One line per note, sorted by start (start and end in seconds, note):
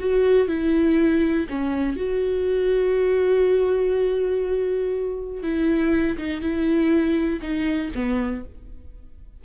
0.00 0.48 F#4
0.48 1.47 E4
1.49 1.97 C#4
1.97 5.43 F#4
5.43 6.18 E4
6.18 6.41 D#4
6.41 7.40 E4
7.42 7.92 D#4
7.95 8.45 B3